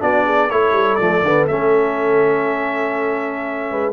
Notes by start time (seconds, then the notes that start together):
0.00 B3 D4 F#4 D5
0.25 G#4
0.50 A3 E4 A4 C#5
0.72 G3
0.96 F3 A3 D5
1.23 D3 B3
1.48 A3 C#4 E5
3.70 G#3 B4